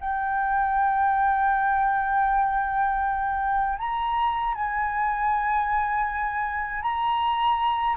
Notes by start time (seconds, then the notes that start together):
0.00 G5
3.78 A#5
4.55 G#5
6.82 A#5